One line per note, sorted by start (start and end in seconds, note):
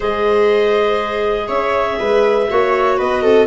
0.00 1.48 G#3
0.00 2.46 G#4
0.00 1.45 C5
0.00 1.48 D#5
1.47 1.98 C#4
1.47 1.97 C#5
1.47 2.97 E5
1.99 2.49 G#3
1.99 2.48 B4
2.49 2.99 A#3
2.49 3.46 F#4
2.49 2.97 C#5
2.97 3.24 B3
2.97 3.22 B4
2.97 3.46 D#5
3.22 3.46 C4
3.22 3.46 A4